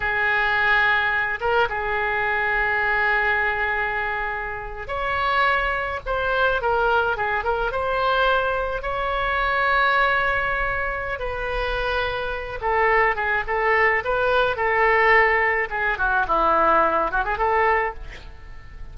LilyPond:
\new Staff \with { instrumentName = "oboe" } { \time 4/4 \tempo 4 = 107 gis'2~ gis'8 ais'8 gis'4~ | gis'1~ | gis'8. cis''2 c''4 ais'16~ | ais'8. gis'8 ais'8 c''2 cis''16~ |
cis''1 | b'2~ b'8 a'4 gis'8 | a'4 b'4 a'2 | gis'8 fis'8 e'4. fis'16 gis'16 a'4 | }